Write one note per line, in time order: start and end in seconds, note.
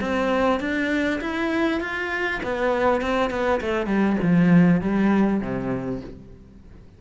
0.00 0.59 C4
0.59 1.19 D4
1.20 1.80 E4
1.80 2.40 F4
2.43 3.01 B3
3.01 3.30 C4
3.30 3.60 B3
3.60 3.86 A3
3.86 4.16 G3
4.22 4.81 F3
4.81 5.40 G3
5.40 6.00 C3